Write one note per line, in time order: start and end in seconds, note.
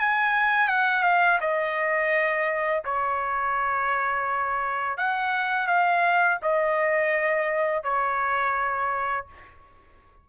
0.00 0.69 G#5
0.69 1.04 F#5
1.04 1.39 F5
1.41 2.84 D#5
2.85 4.98 C#5
4.98 5.68 F#5
5.68 6.39 F5
6.43 7.84 D#5
7.84 9.27 C#5